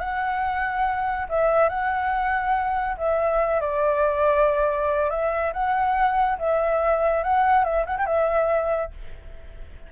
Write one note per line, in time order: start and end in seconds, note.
0.00 1.28 F#5
1.29 1.69 E5
1.69 2.97 F#5
2.97 3.61 E5
3.61 5.10 D5
5.10 5.53 E5
5.53 6.38 F#5
6.38 7.24 E5
7.24 7.64 F#5
7.64 7.85 E5
7.86 7.97 F#5
7.97 8.06 G5
8.06 8.91 E5